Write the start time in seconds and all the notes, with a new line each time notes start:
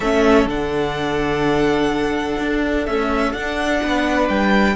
0.00 A3 C#4 A4 E5
0.45 D3 D4 F#5
2.40 D4
2.86 A3 C#4 E5
3.33 D4 F#5
3.82 B3 B4
4.29 G3 G5